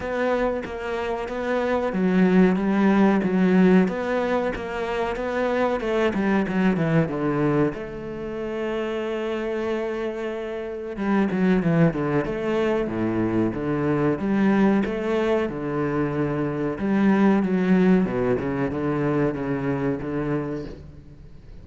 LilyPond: \new Staff \with { instrumentName = "cello" } { \time 4/4 \tempo 4 = 93 b4 ais4 b4 fis4 | g4 fis4 b4 ais4 | b4 a8 g8 fis8 e8 d4 | a1~ |
a4 g8 fis8 e8 d8 a4 | a,4 d4 g4 a4 | d2 g4 fis4 | b,8 cis8 d4 cis4 d4 | }